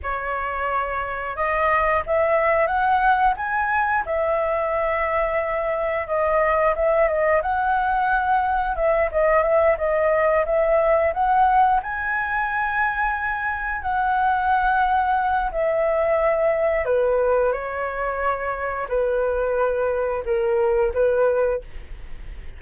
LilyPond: \new Staff \with { instrumentName = "flute" } { \time 4/4 \tempo 4 = 89 cis''2 dis''4 e''4 | fis''4 gis''4 e''2~ | e''4 dis''4 e''8 dis''8 fis''4~ | fis''4 e''8 dis''8 e''8 dis''4 e''8~ |
e''8 fis''4 gis''2~ gis''8~ | gis''8 fis''2~ fis''8 e''4~ | e''4 b'4 cis''2 | b'2 ais'4 b'4 | }